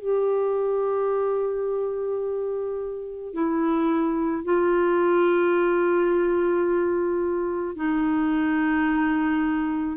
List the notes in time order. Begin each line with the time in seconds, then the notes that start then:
0.00 G4
3.34 E4
4.44 F4
7.76 D#4